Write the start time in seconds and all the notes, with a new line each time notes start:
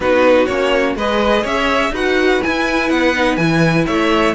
0.00 B3 D#4 F#4 B4
0.46 A#3 C#4 C#5
0.95 G#3 G#4 B4 D#5
1.42 C#4 C#5 E5
1.90 D#4 F#4 B4 F#5
2.42 E4 G#5
2.89 B3 F#5
3.14 D#4
3.36 E3 E4 G#5
3.86 A3 C#5 E5